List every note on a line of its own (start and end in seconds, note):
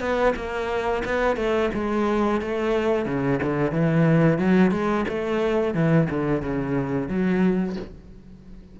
0.00 0.34 B3
0.36 1.03 A#3
1.05 1.36 B3
1.36 1.70 A3
1.74 2.41 G#3
2.41 3.06 A3
3.06 3.40 C#3
3.43 3.72 D3
3.72 4.39 E3
4.39 4.71 F#3
4.71 5.05 G#3
5.08 5.74 A3
5.74 6.08 E3
6.10 6.42 D3
6.42 7.08 C#3
7.08 7.76 F#3